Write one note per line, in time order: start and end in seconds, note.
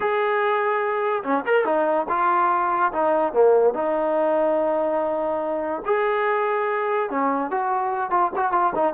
0.00 1.23 G#4
1.23 1.44 C#4
1.45 1.64 A#4
1.64 2.06 D#4
2.08 2.92 F4
2.92 3.33 D#4
3.33 3.74 A#3
3.74 5.82 D#4
5.85 7.09 G#4
7.09 7.51 C#4
7.51 8.10 F#4
8.10 8.31 F4
8.36 8.52 F#4
8.52 8.73 F4
8.75 8.93 D#4